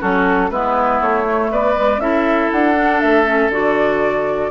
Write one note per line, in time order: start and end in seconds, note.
0.00 0.51 F#3
0.00 0.50 C#4
0.00 0.50 F#4
0.00 0.50 A4
0.50 1.01 G#3
0.50 1.25 B3
0.50 1.51 E4
0.50 1.00 B4
1.01 1.51 A3
1.01 1.51 C#5
1.25 1.75 A3
1.51 1.97 B3
1.51 2.01 B4
1.51 2.00 D5
1.76 2.01 G#3
1.97 2.47 C#4
1.97 2.76 E4
1.97 4.50 A4
1.97 2.50 E5
2.51 3.02 D4
2.51 3.00 F#5
2.76 3.25 D4
3.00 3.49 A3
3.00 3.50 E5
3.25 3.50 C#4
3.49 4.49 D3
3.49 4.50 F#4
3.49 4.50 D5